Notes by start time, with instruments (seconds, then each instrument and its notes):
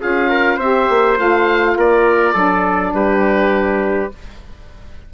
0.00 bassoon C#4, saxophone F4, trumpet G#4, oboe F5
0.29 trumpet A#4
0.56 bassoon C4, saxophone G4, trumpet C5, oboe E5
0.89 bassoon A#3
1.17 bassoon A3, saxophone F4, oboe F5
1.77 bassoon A#3, trumpet A#4, oboe D5
2.33 bassoon F#3, saxophone D4, trumpet A4
2.93 bassoon G3, trumpet G4, oboe B4